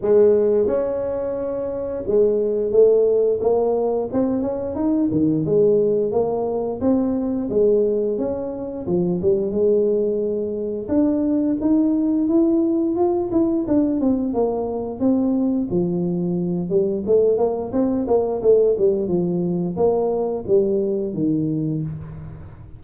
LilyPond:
\new Staff \with { instrumentName = "tuba" } { \time 4/4 \tempo 4 = 88 gis4 cis'2 gis4 | a4 ais4 c'8 cis'8 dis'8 dis8 | gis4 ais4 c'4 gis4 | cis'4 f8 g8 gis2 |
d'4 dis'4 e'4 f'8 e'8 | d'8 c'8 ais4 c'4 f4~ | f8 g8 a8 ais8 c'8 ais8 a8 g8 | f4 ais4 g4 dis4 | }